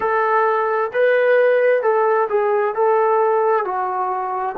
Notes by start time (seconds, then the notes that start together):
0.00 A4
0.93 B4
1.82 A4
2.29 G#4
2.74 A4
3.64 F#4